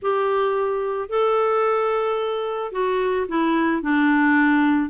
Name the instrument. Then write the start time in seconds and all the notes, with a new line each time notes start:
clarinet
0.01 G4
1.09 A4
2.71 F#4
3.28 E4
3.82 D4